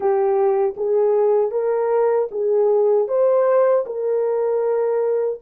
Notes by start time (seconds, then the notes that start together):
0.00 G4
0.77 G#4
1.51 A#4
2.31 G#4
3.08 C5
3.86 A#4